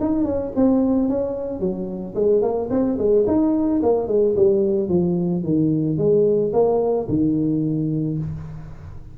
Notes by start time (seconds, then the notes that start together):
0.00 D#4
0.24 C#4
0.55 C4
1.09 C#4
1.59 F#3
2.14 G#3
2.41 A#3
2.70 C4
2.98 G#3
3.27 D#4
3.82 A#3
4.07 G#3
4.36 G3
4.88 F3
5.43 D#3
5.97 G#3
6.53 A#3
7.08 D#3